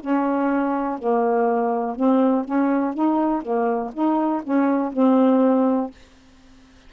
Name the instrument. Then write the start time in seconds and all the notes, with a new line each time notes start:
saxophone
0.00 C#4
0.98 A#3
1.95 C4
2.45 C#4
2.94 D#4
3.42 A#3
3.93 D#4
4.43 C#4
4.92 C4